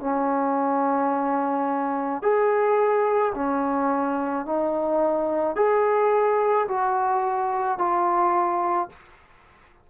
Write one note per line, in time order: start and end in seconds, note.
0.00 2.22 C#4
2.22 3.33 G#4
3.34 4.45 C#4
4.45 5.56 D#4
5.56 6.67 G#4
6.68 7.78 F#4
7.78 8.89 F4